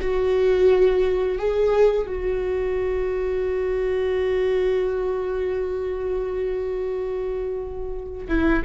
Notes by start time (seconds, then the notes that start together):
0.00 F#4
1.38 G#4
2.06 F#4
8.28 E4